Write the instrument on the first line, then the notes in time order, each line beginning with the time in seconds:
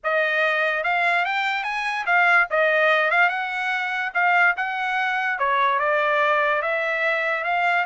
trumpet
0.03 D#5
0.83 F5
1.25 G5
1.63 G#5
2.06 F5
2.50 D#5
3.11 F5
3.29 F#5
4.14 F5
4.56 F#5
5.38 C#5
5.79 D5
6.62 E5
7.44 F5